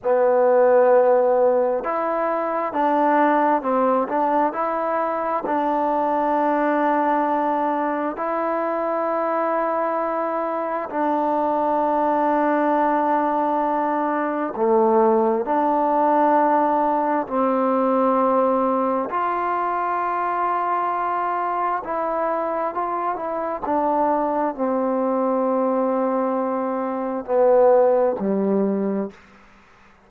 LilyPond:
\new Staff \with { instrumentName = "trombone" } { \time 4/4 \tempo 4 = 66 b2 e'4 d'4 | c'8 d'8 e'4 d'2~ | d'4 e'2. | d'1 |
a4 d'2 c'4~ | c'4 f'2. | e'4 f'8 e'8 d'4 c'4~ | c'2 b4 g4 | }